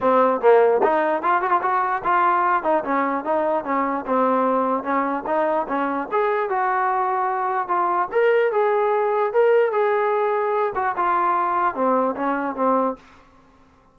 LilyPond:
\new Staff \with { instrumentName = "trombone" } { \time 4/4 \tempo 4 = 148 c'4 ais4 dis'4 f'8 fis'16 f'16 | fis'4 f'4. dis'8 cis'4 | dis'4 cis'4 c'2 | cis'4 dis'4 cis'4 gis'4 |
fis'2. f'4 | ais'4 gis'2 ais'4 | gis'2~ gis'8 fis'8 f'4~ | f'4 c'4 cis'4 c'4 | }